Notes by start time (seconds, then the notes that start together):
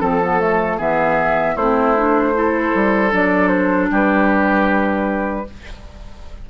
0.00 F3 C4 A4
0.24 B3
0.40 A3
0.77 E3 B3 G#4 E5
1.55 A3 C4 E4 C5
1.97 D4
2.34 E4 A4
2.75 G3
3.11 F#3 D4 D5
3.48 C5
3.90 G3 G4 B4